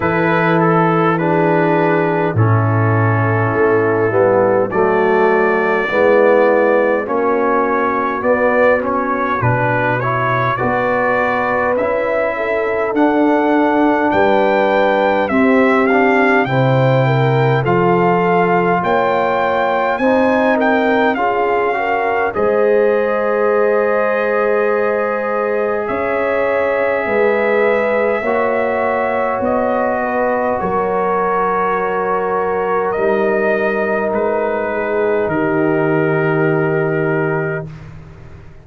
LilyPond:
<<
  \new Staff \with { instrumentName = "trumpet" } { \time 4/4 \tempo 4 = 51 b'8 a'8 b'4 a'2 | d''2 cis''4 d''8 cis''8 | b'8 cis''8 d''4 e''4 fis''4 | g''4 e''8 f''8 g''4 f''4 |
g''4 gis''8 g''8 f''4 dis''4~ | dis''2 e''2~ | e''4 dis''4 cis''2 | dis''4 b'4 ais'2 | }
  \new Staff \with { instrumentName = "horn" } { \time 4/4 a'4 gis'4 e'2 | fis'4 e'4 fis'2~ | fis'4 b'4. a'4. | b'4 g'4 c''8 ais'8 a'4 |
cis''4 c''8 ais'8 gis'8 ais'8 c''4~ | c''2 cis''4 b'4 | cis''4. b'8 ais'2~ | ais'4. gis'8 g'2 | }
  \new Staff \with { instrumentName = "trombone" } { \time 4/4 e'4 d'4 cis'4. b8 | a4 b4 cis'4 b8 cis'8 | d'8 e'8 fis'4 e'4 d'4~ | d'4 c'8 d'8 e'4 f'4~ |
f'4 dis'4 f'8 fis'8 gis'4~ | gis'1 | fis'1 | dis'1 | }
  \new Staff \with { instrumentName = "tuba" } { \time 4/4 e2 a,4 a8 g8 | fis4 gis4 ais4 b4 | b,4 b4 cis'4 d'4 | g4 c'4 c4 f4 |
ais4 c'4 cis'4 gis4~ | gis2 cis'4 gis4 | ais4 b4 fis2 | g4 gis4 dis2 | }
>>